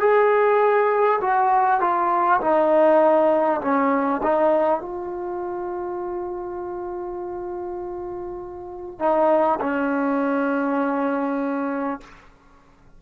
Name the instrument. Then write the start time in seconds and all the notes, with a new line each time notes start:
trombone
0.00 G#4
1.21 F#4
1.80 F4
2.40 D#4
3.61 C#4
4.22 D#4
4.79 F4
8.99 D#4
9.60 C#4